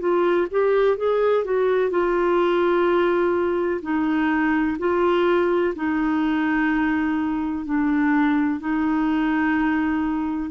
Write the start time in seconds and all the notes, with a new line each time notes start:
0.00 F4
0.52 G4
0.98 G#4
1.45 F#4
1.91 F4
3.82 D#4
4.79 F4
5.76 D#4
7.66 D4
8.61 D#4